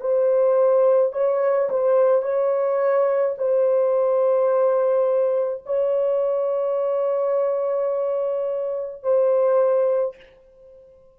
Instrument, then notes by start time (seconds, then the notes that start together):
horn
0.00 C5
1.12 C#5
1.70 C5
2.22 C#5
3.38 C5
5.66 C#5
9.03 C5